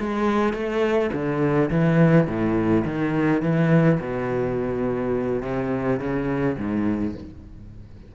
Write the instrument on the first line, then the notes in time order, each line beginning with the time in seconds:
cello
0.00 G#3
0.54 A3
1.13 D3
1.71 E3
2.27 A2
2.85 D#3
3.42 E3
4.00 B2
5.43 C3
6.00 C#3
6.58 G#2